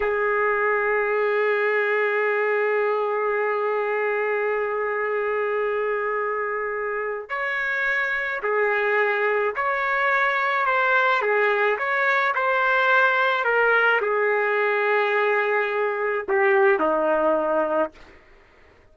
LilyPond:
\new Staff \with { instrumentName = "trumpet" } { \time 4/4 \tempo 4 = 107 gis'1~ | gis'1~ | gis'1~ | gis'4 cis''2 gis'4~ |
gis'4 cis''2 c''4 | gis'4 cis''4 c''2 | ais'4 gis'2.~ | gis'4 g'4 dis'2 | }